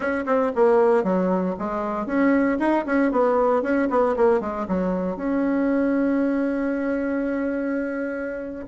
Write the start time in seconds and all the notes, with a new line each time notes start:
0.00 C#4
0.26 C4
0.55 A#3
1.03 F#3
1.58 G#3
2.06 C#4
2.59 D#4
2.86 C#4
3.11 B3
3.62 C#4
3.89 B3
4.16 A#3
4.40 G#3
4.68 F#3
5.16 C#4